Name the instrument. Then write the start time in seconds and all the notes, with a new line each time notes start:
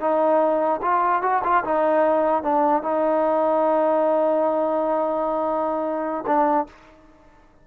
trombone
0.00 D#4
0.82 F4
1.22 F#4
1.44 F4
1.64 D#4
2.43 D4
2.82 D#4
6.26 D4